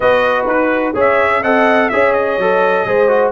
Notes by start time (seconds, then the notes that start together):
0.00 B3 F#4 B4 D#5
0.46 D#4 B4
0.93 C#4 G#4 C#5
1.00 E5
1.41 C4 A4 D#5 F#5
1.89 C#4 G#4 C#5 E5
2.12 D#5
2.38 F#3 A4
2.85 G#3 G#4 C5
3.08 F#4